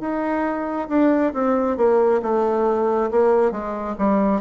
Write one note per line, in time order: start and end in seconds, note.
0.00 0.88 D#4
0.89 1.33 D4
1.33 1.77 C4
1.77 2.21 A#3
2.22 3.10 A3
3.11 3.51 A#3
3.51 3.95 G#3
3.98 4.41 G3